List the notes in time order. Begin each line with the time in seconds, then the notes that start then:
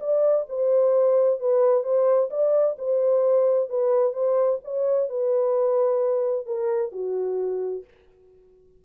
0.00 D5
0.49 C5
1.40 B4
1.84 C5
2.30 D5
2.79 C5
3.70 B4
4.13 C5
4.64 C#5
5.09 B4
6.46 A#4
6.92 F#4